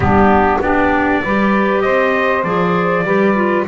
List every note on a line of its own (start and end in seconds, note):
0.00 0.57 G3
0.00 0.61 B3
0.00 0.61 D4
0.00 0.60 G4
0.60 1.22 B3
0.60 1.24 D4
0.60 1.22 G4
0.60 1.81 D5
1.23 1.85 G3
1.23 2.44 G4
1.23 1.83 B4
1.81 2.44 C4
1.81 3.04 C5
1.81 2.42 D#5
2.44 3.04 F3
2.44 3.05 G#4
2.44 3.66 D5
3.04 3.65 G3
3.04 3.35 G4
3.04 3.66 B4
3.35 3.65 F4